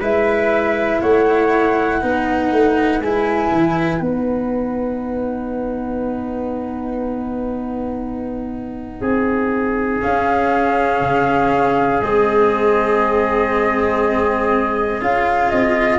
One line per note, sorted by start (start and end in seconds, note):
0.00 1.01 G#3
0.00 2.02 E4
0.00 1.00 B4
0.00 1.01 E5
1.01 2.03 A3
1.01 2.01 C#5
1.01 3.01 F#5
2.01 2.52 B3
2.01 3.02 D#4
2.01 9.01 B4
2.52 3.01 A3
3.01 3.51 G#3
3.01 4.01 E4
3.01 4.02 G#5
3.52 4.01 E3
4.01 9.01 B3
4.01 10.01 D#4
4.01 10.02 F#5
9.01 10.01 C4
9.01 16.00 G#4
10.01 12.01 C#4
10.01 11.01 C#4
10.01 12.02 F5
11.01 12.01 C#3
12.02 15.01 G#3
12.02 15.01 C4
12.02 15.02 D#5
15.01 15.51 C#4
15.01 16.00 F4
15.01 15.50 F5
15.50 16.00 C4
15.50 16.00 D#5